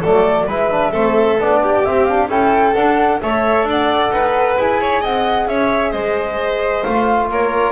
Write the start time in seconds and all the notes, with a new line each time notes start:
0.00 F#3 A3 A4 D5
0.47 G#3 E4 B4 E5
0.71 D4
0.91 A3 C4 A4
1.39 B3 D4 D5
1.62 G4
1.85 C4 E5
2.05 D4 F5
2.28 C#4 E4 A4 G5
2.74 D4 F#5
3.21 A3 A4 C#5 E5
3.63 D4 D5
3.70 F#5
4.11 D#4 B4
4.57 E4 G#4 G#5
4.80 C#5
5.00 C4 D#5 F#5
5.47 C#4 C#5 E5
5.91 G#3 C5 D#5
6.83 A3 F4 F5
7.30 A#3 A#4 C#5